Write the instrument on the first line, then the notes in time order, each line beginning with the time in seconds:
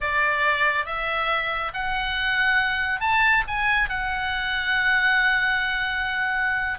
oboe
0.00 D5
0.85 E5
1.73 F#5
3.00 A5
3.47 G#5
3.89 F#5